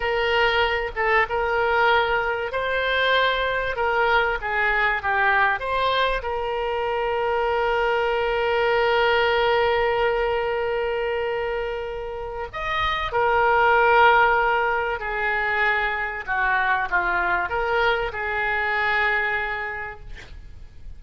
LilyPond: \new Staff \with { instrumentName = "oboe" } { \time 4/4 \tempo 4 = 96 ais'4. a'8 ais'2 | c''2 ais'4 gis'4 | g'4 c''4 ais'2~ | ais'1~ |
ais'1 | dis''4 ais'2. | gis'2 fis'4 f'4 | ais'4 gis'2. | }